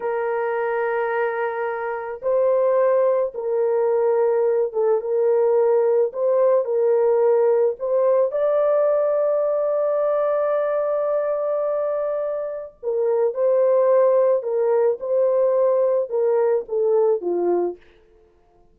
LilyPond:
\new Staff \with { instrumentName = "horn" } { \time 4/4 \tempo 4 = 108 ais'1 | c''2 ais'2~ | ais'8 a'8 ais'2 c''4 | ais'2 c''4 d''4~ |
d''1~ | d''2. ais'4 | c''2 ais'4 c''4~ | c''4 ais'4 a'4 f'4 | }